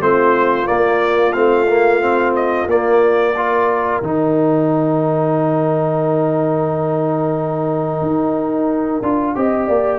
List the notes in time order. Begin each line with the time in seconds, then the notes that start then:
0.00 A3 C4 F4 C5
0.66 A#3 D5
1.33 A3 C4 F5
1.67 A#3
2.01 C4
2.36 D#5
2.66 A#3 D5
3.37 F4 A#4
4.02 D#3 D#4 G5
8.01 D#4
9.02 D4 F4
9.36 C4 G4 D#5
9.68 A#3 D5